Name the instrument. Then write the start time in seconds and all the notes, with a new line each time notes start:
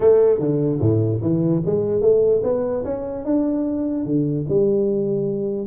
tuba
0.00 A3
0.39 D3
0.79 A2
1.21 E3
1.65 G#3
2.01 A3
2.43 B3
2.84 C#4
3.24 D4
4.05 D3
4.49 G3